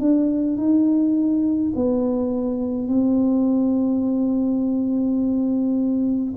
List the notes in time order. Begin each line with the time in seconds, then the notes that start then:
0.00 D4
0.57 D#4
1.75 B3
2.88 C4